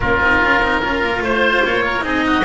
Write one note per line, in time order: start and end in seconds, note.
0.00 0.20 A#3
0.00 0.21 C#4
0.00 0.81 F4
0.00 1.22 A#4
0.20 0.40 C4
0.20 0.42 D#4
0.42 0.60 C#4
0.42 0.62 F4
0.60 0.81 C4
0.60 0.82 D#4
0.82 1.02 C#4
0.82 2.01 F4
0.82 1.23 A#4
1.02 1.20 A#3
1.20 1.61 A3
1.20 1.63 C5
1.20 1.85 C5
1.64 2.02 A#3
1.64 2.05 C#5
1.85 2.04 A#4
2.01 2.43 C4
2.01 2.42 D#4
2.01 2.24 G#4
2.01 2.44 D#5
2.26 2.44 F#4